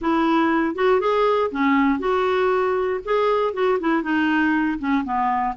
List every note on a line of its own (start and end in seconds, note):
0.01 0.75 E4
0.75 1.00 F#4
1.00 1.50 G#4
1.51 1.99 C#4
1.99 3.00 F#4
3.04 3.53 G#4
3.53 3.79 F#4
3.79 4.02 E4
4.02 4.78 D#4
4.78 5.04 C#4
5.04 5.54 B3